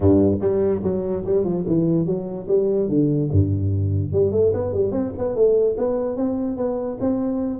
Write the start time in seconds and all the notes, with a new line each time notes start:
0.00 G2
0.40 G3
0.83 F#3
1.25 G3
1.44 F3
1.66 E3
2.05 F#3
2.48 G3
2.89 D3
3.31 G2
4.12 G3
4.31 A3
4.53 B3
4.73 G3
4.91 C4
5.17 B3
5.35 A3
5.77 B3
6.16 C4
6.56 B3
7.00 C4